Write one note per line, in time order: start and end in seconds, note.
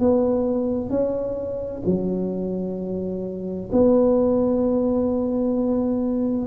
0.00 0.90 B3
0.90 1.82 C#4
1.85 3.70 F#3
3.72 6.47 B3